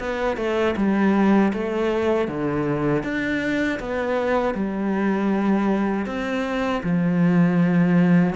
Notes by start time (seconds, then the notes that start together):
0.00 B3
0.37 A3
0.76 G3
1.53 A3
2.28 D3
3.03 D4
3.80 B3
4.55 G3
6.06 C4
6.83 F3